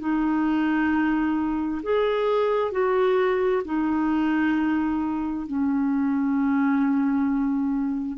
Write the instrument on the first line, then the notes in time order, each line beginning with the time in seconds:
clarinet
0.00 D#4
1.83 G#4
2.72 F#4
3.65 D#4
5.47 C#4